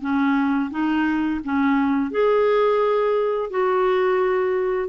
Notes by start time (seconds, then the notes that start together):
0.00 C#4
0.70 D#4
1.44 C#4
2.11 G#4
3.50 F#4